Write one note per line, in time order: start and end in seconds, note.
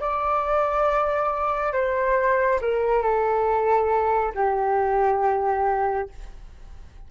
0.00 1.73 D5
1.73 2.60 C5
2.61 3.03 A#4
3.03 4.33 A4
4.35 6.09 G4